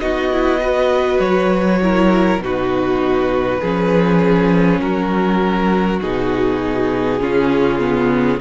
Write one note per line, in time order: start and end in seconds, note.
0.00 1.19 B3
0.00 0.30 D#4
0.00 0.60 F#4
0.00 1.20 D#5
0.32 0.61 E4
0.60 1.81 F#4
0.60 1.80 B4
1.19 2.38 F#3
1.19 2.40 C#5
1.82 2.43 E4
1.82 2.44 A#4
2.38 3.58 B2
2.38 3.62 D#4
2.38 3.61 F#4
2.44 4.80 B4
3.61 4.80 F3
3.61 6.02 C#4
3.61 4.81 G#4
4.80 6.00 F#3
4.80 7.20 F#4
4.80 6.00 A#4
6.01 7.21 B2
6.01 7.20 D#4
6.01 8.41 G#4
7.20 8.40 C#3
7.20 7.79 C#4
7.20 8.40 F4
7.79 8.39 B3